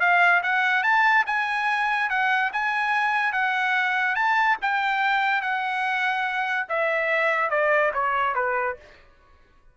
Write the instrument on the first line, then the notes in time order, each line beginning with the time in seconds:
trumpet
0.00 F5
0.43 F#5
0.83 A5
1.27 G#5
2.10 F#5
2.53 G#5
3.32 F#5
4.15 A5
4.62 G5
5.41 F#5
6.69 E5
7.50 D5
7.94 C#5
8.35 B4